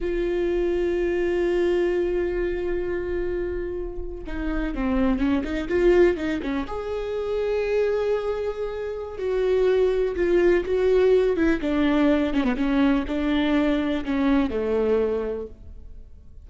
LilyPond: \new Staff \with { instrumentName = "viola" } { \time 4/4 \tempo 4 = 124 f'1~ | f'1~ | f'8. dis'4 c'4 cis'8 dis'8 f'16~ | f'8. dis'8 cis'8 gis'2~ gis'16~ |
gis'2. fis'4~ | fis'4 f'4 fis'4. e'8 | d'4. cis'16 b16 cis'4 d'4~ | d'4 cis'4 a2 | }